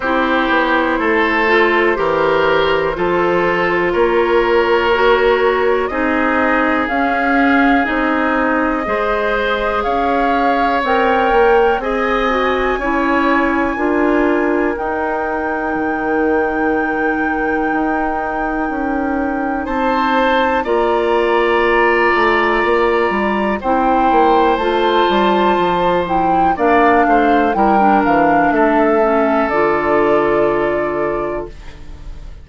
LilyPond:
<<
  \new Staff \with { instrumentName = "flute" } { \time 4/4 \tempo 4 = 61 c''1 | cis''2 dis''4 f''4 | dis''2 f''4 g''4 | gis''2. g''4~ |
g''1 | a''4 ais''2. | g''4 a''4. g''8 f''4 | g''8 f''8 e''4 d''2 | }
  \new Staff \with { instrumentName = "oboe" } { \time 4/4 g'4 a'4 ais'4 a'4 | ais'2 gis'2~ | gis'4 c''4 cis''2 | dis''4 cis''4 ais'2~ |
ais'1 | c''4 d''2. | c''2. d''8 c''8 | ais'4 a'2. | }
  \new Staff \with { instrumentName = "clarinet" } { \time 4/4 e'4. f'8 g'4 f'4~ | f'4 fis'4 dis'4 cis'4 | dis'4 gis'2 ais'4 | gis'8 fis'8 e'4 f'4 dis'4~ |
dis'1~ | dis'4 f'2. | e'4 f'4. e'8 d'4 | e'16 d'4~ d'16 cis'8 f'2 | }
  \new Staff \with { instrumentName = "bassoon" } { \time 4/4 c'8 b8 a4 e4 f4 | ais2 c'4 cis'4 | c'4 gis4 cis'4 c'8 ais8 | c'4 cis'4 d'4 dis'4 |
dis2 dis'4 cis'4 | c'4 ais4. a8 ais8 g8 | c'8 ais8 a8 g8 f4 ais8 a8 | g8 e8 a4 d2 | }
>>